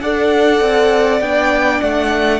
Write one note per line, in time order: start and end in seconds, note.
0.00 0.60 D4
0.00 1.22 A4
0.00 2.40 D5
0.00 1.20 F#5
0.60 1.20 C4
1.20 1.80 B3
1.20 2.40 D4
1.20 1.80 G5
1.80 2.40 A3
1.80 2.40 F#5